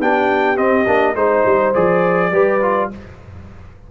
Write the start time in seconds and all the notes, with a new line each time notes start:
0.00 B3 D4 G4 G5
0.56 C4 D#5
0.87 A#3 D4
1.15 G#3 D#4 C5
1.46 G3
1.74 F3 G#4 D5
2.32 G3 G4 B4
2.62 F4